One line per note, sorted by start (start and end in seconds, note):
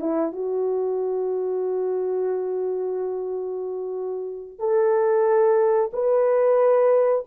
0.00 0.32 E4
0.32 4.59 F#4
4.59 5.91 A4
5.93 7.25 B4